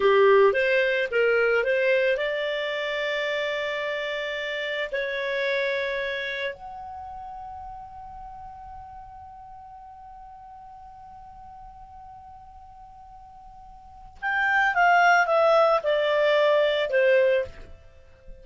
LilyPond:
\new Staff \with { instrumentName = "clarinet" } { \time 4/4 \tempo 4 = 110 g'4 c''4 ais'4 c''4 | d''1~ | d''4 cis''2. | fis''1~ |
fis''1~ | fis''1~ | fis''2 g''4 f''4 | e''4 d''2 c''4 | }